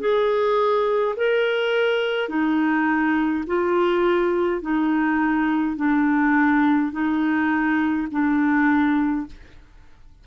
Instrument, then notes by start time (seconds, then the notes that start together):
clarinet
0.00 G#4
1.17 A#4
2.29 D#4
3.47 F4
4.62 D#4
5.77 D4
6.92 D#4
8.11 D4